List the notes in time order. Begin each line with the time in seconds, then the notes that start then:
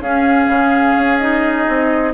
0.00 C#4 G#4 F5
0.47 C#3
0.96 C#4
1.18 D#4 D#5
1.67 C4